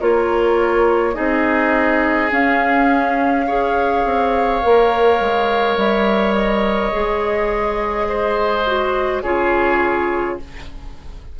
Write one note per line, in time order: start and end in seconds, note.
0.00 1.17 A#3
0.00 1.13 F4
0.00 1.15 A#4
0.00 1.15 C#5
1.13 2.31 C4
1.13 2.29 D#4
1.13 3.46 G#4
1.13 2.30 D#5
2.31 3.46 C#4
2.31 4.05 C#4
2.31 5.78 F5
3.47 4.62 G#4
3.47 8.08 C#5
4.05 4.62 C4
4.62 5.20 A#3
4.62 6.93 A#4
5.20 5.77 G#3
5.77 6.92 G3
5.77 6.34 E5
6.34 9.22 D#5
6.93 9.23 G#3
6.93 8.66 G#4
8.08 9.23 C5
8.66 9.24 F#4
9.22 10.39 C#3
9.22 10.39 F4
9.22 10.38 G#4
9.22 10.37 C#5